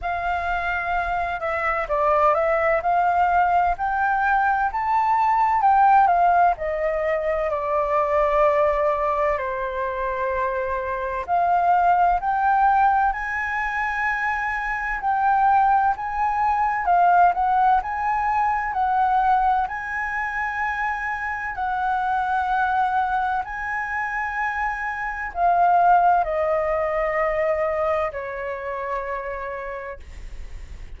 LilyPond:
\new Staff \with { instrumentName = "flute" } { \time 4/4 \tempo 4 = 64 f''4. e''8 d''8 e''8 f''4 | g''4 a''4 g''8 f''8 dis''4 | d''2 c''2 | f''4 g''4 gis''2 |
g''4 gis''4 f''8 fis''8 gis''4 | fis''4 gis''2 fis''4~ | fis''4 gis''2 f''4 | dis''2 cis''2 | }